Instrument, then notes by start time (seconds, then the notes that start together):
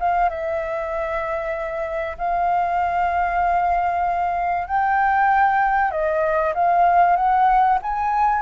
flute
0.00 F5
0.30 E5
2.18 F5
4.68 G5
5.91 D#5
6.54 F5
7.16 F#5
7.83 G#5